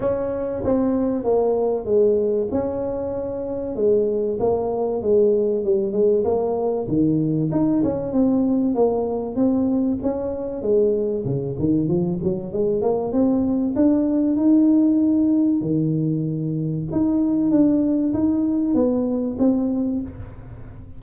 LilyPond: \new Staff \with { instrumentName = "tuba" } { \time 4/4 \tempo 4 = 96 cis'4 c'4 ais4 gis4 | cis'2 gis4 ais4 | gis4 g8 gis8 ais4 dis4 | dis'8 cis'8 c'4 ais4 c'4 |
cis'4 gis4 cis8 dis8 f8 fis8 | gis8 ais8 c'4 d'4 dis'4~ | dis'4 dis2 dis'4 | d'4 dis'4 b4 c'4 | }